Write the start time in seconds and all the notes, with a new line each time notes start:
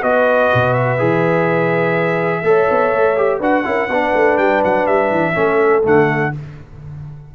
0.00 B3 F#4 B4 D#5
0.54 B2
0.73 E5
0.98 E3 G#4
2.42 A3 A4 C#5
2.70 B3
2.93 A3
3.16 G4
3.39 D4 F#4 B4 F#5
3.64 C#4 E4 A#4
3.87 B3 D4 B4
4.13 A3
4.37 G3 G5
4.64 F#3 F#5
4.86 G3 E5
5.11 E3
5.34 A3 C#4 A4
5.83 D3 A3 F#5